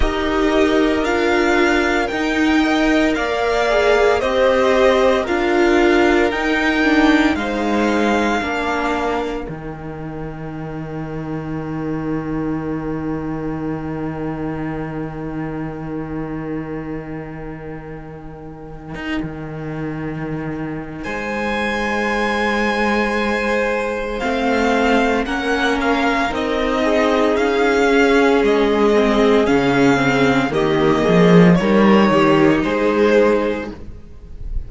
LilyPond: <<
  \new Staff \with { instrumentName = "violin" } { \time 4/4 \tempo 4 = 57 dis''4 f''4 g''4 f''4 | dis''4 f''4 g''4 f''4~ | f''4 g''2.~ | g''1~ |
g''1 | gis''2. f''4 | fis''8 f''8 dis''4 f''4 dis''4 | f''4 dis''4 cis''4 c''4 | }
  \new Staff \with { instrumentName = "violin" } { \time 4/4 ais'2~ ais'8 dis''8 d''4 | c''4 ais'2 c''4 | ais'1~ | ais'1~ |
ais'1 | c''1 | ais'4. gis'2~ gis'8~ | gis'4 g'8 gis'8 ais'8 g'8 gis'4 | }
  \new Staff \with { instrumentName = "viola" } { \time 4/4 g'4 f'4 dis'8 ais'4 gis'8 | g'4 f'4 dis'8 d'8 dis'4 | d'4 dis'2.~ | dis'1~ |
dis'1~ | dis'2. c'4 | cis'4 dis'4. cis'4 c'8 | cis'8 c'8 ais4 dis'2 | }
  \new Staff \with { instrumentName = "cello" } { \time 4/4 dis'4 d'4 dis'4 ais4 | c'4 d'4 dis'4 gis4 | ais4 dis2.~ | dis1~ |
dis2 dis'16 dis4.~ dis16 | gis2. a4 | ais4 c'4 cis'4 gis4 | cis4 dis8 f8 g8 dis8 gis4 | }
>>